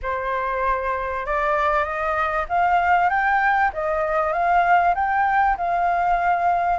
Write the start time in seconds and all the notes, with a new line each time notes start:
0.02 C5
1.26 D5
1.84 D#5
2.49 F5
3.09 G5
3.73 D#5
4.32 F5
4.95 G5
5.57 F5